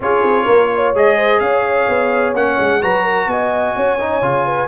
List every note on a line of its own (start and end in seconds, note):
0.00 0.23 C#4
0.00 0.95 F4
0.00 0.45 G#4
0.00 0.95 C#5
0.23 0.46 C4
0.45 0.94 A#3
0.45 0.68 A#4
0.74 1.17 C#5
0.94 1.40 G#3
0.94 2.35 G#4
0.94 1.39 D#5
1.17 1.40 C5
1.39 1.87 C#4
1.39 2.82 C#5
1.39 2.33 F5
1.88 2.34 B3
2.34 2.57 A#3
2.34 2.81 C#4
2.34 2.82 F#5
2.59 2.82 G#3
2.81 3.26 F#3
2.81 3.98 F#4
2.81 3.03 B4
2.81 3.28 A#5
3.03 3.26 A#4
3.26 3.73 B3
3.26 3.76 D#5
3.26 4.67 G#5
3.76 4.21 C#4
3.76 4.45 C#5
3.99 4.22 D#4
4.21 4.67 C#3
4.21 4.67 F4
4.45 4.67 B4